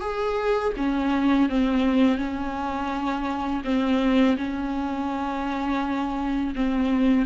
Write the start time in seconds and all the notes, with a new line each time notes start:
0.00 G#4
0.77 C#4
1.49 C4
2.17 C#4
3.64 C4
4.37 C#4
6.55 C4